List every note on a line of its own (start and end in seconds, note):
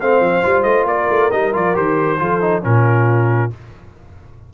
0.00 0.21 A3
0.00 0.43 C4
0.00 0.88 C5
0.00 0.63 F5
0.21 0.43 F3
0.43 0.64 G3
0.43 1.31 F4
0.63 0.85 A3
0.63 0.85 D#5
0.85 1.07 A#3
0.85 2.20 A#4
0.85 1.32 D5
1.09 1.31 A3
1.32 1.55 G3
1.32 1.53 D#4
1.32 1.54 D#5
1.53 1.77 F3
1.53 1.74 F4
1.53 1.76 D5
1.74 2.20 D#3
1.74 2.18 G4
1.74 2.64 C5
2.19 2.65 F3
2.19 2.41 F4
2.19 2.65 A4
2.41 2.62 D#4
2.62 3.53 A#2
2.62 3.50 C#4
2.62 3.54 F4
2.62 3.52 A#4